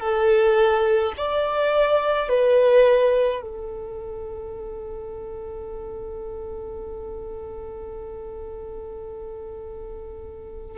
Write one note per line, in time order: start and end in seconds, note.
0.00 1.13 A4
1.18 2.29 D5
2.29 3.42 B4
3.42 10.78 A4